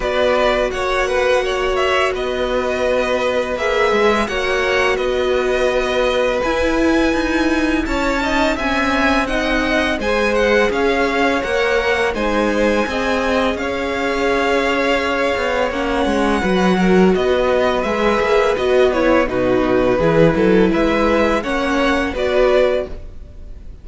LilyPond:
<<
  \new Staff \with { instrumentName = "violin" } { \time 4/4 \tempo 4 = 84 d''4 fis''4. e''8 dis''4~ | dis''4 e''4 fis''4 dis''4~ | dis''4 gis''2 a''4 | gis''4 fis''4 gis''8 fis''8 f''4 |
fis''4 gis''2 f''4~ | f''2 fis''2 | dis''4 e''4 dis''8 cis''8 b'4~ | b'4 e''4 fis''4 d''4 | }
  \new Staff \with { instrumentName = "violin" } { \time 4/4 b'4 cis''8 b'8 cis''4 b'4~ | b'2 cis''4 b'4~ | b'2. cis''8 dis''8 | e''4 dis''4 c''4 cis''4~ |
cis''4 c''4 dis''4 cis''4~ | cis''2. b'8 ais'8 | b'2. fis'4 | gis'8 a'8 b'4 cis''4 b'4 | }
  \new Staff \with { instrumentName = "viola" } { \time 4/4 fis'1~ | fis'4 gis'4 fis'2~ | fis'4 e'2~ e'8 dis'8 | cis'4 dis'4 gis'2 |
ais'4 dis'4 gis'2~ | gis'2 cis'4 fis'4~ | fis'4 gis'4 fis'8 e'8 dis'4 | e'2 cis'4 fis'4 | }
  \new Staff \with { instrumentName = "cello" } { \time 4/4 b4 ais2 b4~ | b4 ais8 gis8 ais4 b4~ | b4 e'4 dis'4 cis'4 | c'2 gis4 cis'4 |
ais4 gis4 c'4 cis'4~ | cis'4. b8 ais8 gis8 fis4 | b4 gis8 ais8 b4 b,4 | e8 fis8 gis4 ais4 b4 | }
>>